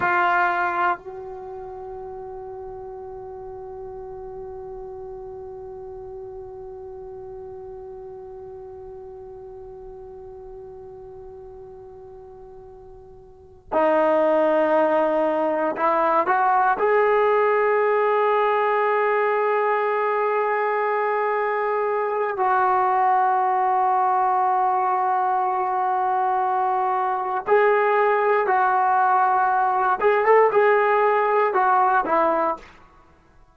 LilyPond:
\new Staff \with { instrumentName = "trombone" } { \time 4/4 \tempo 4 = 59 f'4 fis'2.~ | fis'1~ | fis'1~ | fis'4. dis'2 e'8 |
fis'8 gis'2.~ gis'8~ | gis'2 fis'2~ | fis'2. gis'4 | fis'4. gis'16 a'16 gis'4 fis'8 e'8 | }